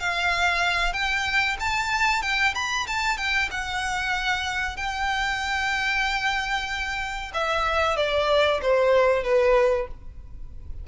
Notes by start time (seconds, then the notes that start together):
0.00 F5
0.93 G5
1.60 A5
2.23 G5
2.55 B5
2.87 A5
3.18 G5
3.51 F#5
4.77 G5
7.34 E5
7.97 D5
8.62 C5
9.24 B4